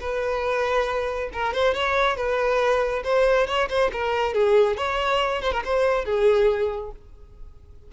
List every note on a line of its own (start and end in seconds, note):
0.00 1.29 B4
1.33 1.53 A#4
1.53 1.74 C5
1.74 2.16 C#5
2.16 3.03 B4
3.03 3.46 C5
3.47 3.68 C#5
3.69 3.91 C5
3.92 4.33 A#4
4.33 4.77 G#4
4.77 5.41 C#5
5.41 5.52 C5
5.52 5.63 A#4
5.64 6.05 C5
6.05 6.91 G#4